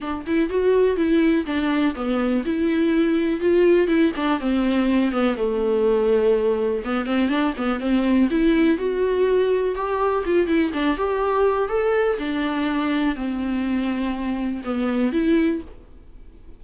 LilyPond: \new Staff \with { instrumentName = "viola" } { \time 4/4 \tempo 4 = 123 d'8 e'8 fis'4 e'4 d'4 | b4 e'2 f'4 | e'8 d'8 c'4. b8 a4~ | a2 b8 c'8 d'8 b8 |
c'4 e'4 fis'2 | g'4 f'8 e'8 d'8 g'4. | a'4 d'2 c'4~ | c'2 b4 e'4 | }